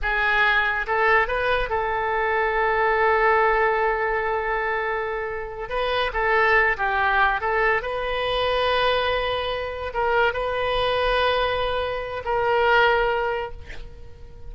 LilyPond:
\new Staff \with { instrumentName = "oboe" } { \time 4/4 \tempo 4 = 142 gis'2 a'4 b'4 | a'1~ | a'1~ | a'4. b'4 a'4. |
g'4. a'4 b'4.~ | b'2.~ b'8 ais'8~ | ais'8 b'2.~ b'8~ | b'4 ais'2. | }